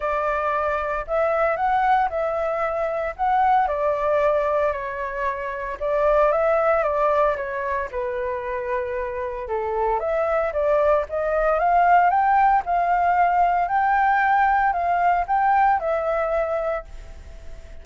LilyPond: \new Staff \with { instrumentName = "flute" } { \time 4/4 \tempo 4 = 114 d''2 e''4 fis''4 | e''2 fis''4 d''4~ | d''4 cis''2 d''4 | e''4 d''4 cis''4 b'4~ |
b'2 a'4 e''4 | d''4 dis''4 f''4 g''4 | f''2 g''2 | f''4 g''4 e''2 | }